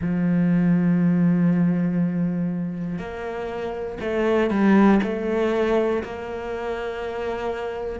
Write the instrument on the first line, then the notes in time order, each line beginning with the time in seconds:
cello
0.01 F3
2.98 A#3
4.00 A3
4.50 G3
5.03 A3
6.03 A#3